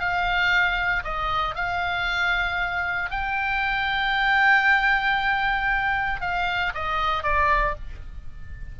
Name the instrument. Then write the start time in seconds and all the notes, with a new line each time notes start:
oboe
0.00 F5
1.04 D#5
1.55 F5
3.11 G5
6.21 F5
6.75 D#5
7.23 D5